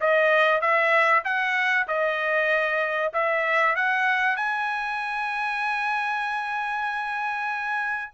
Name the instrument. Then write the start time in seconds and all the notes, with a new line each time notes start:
trumpet
0.00 D#5
0.61 E5
1.24 F#5
1.87 D#5
3.13 E5
3.75 F#5
4.36 G#5